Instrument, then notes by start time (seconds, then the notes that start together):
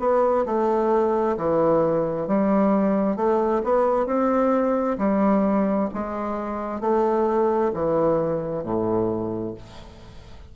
bassoon
0.00 B3
0.46 A3
1.37 E3
2.28 G3
3.17 A3
3.64 B3
4.07 C4
4.99 G3
5.94 G#3
6.81 A3
7.74 E3
8.64 A2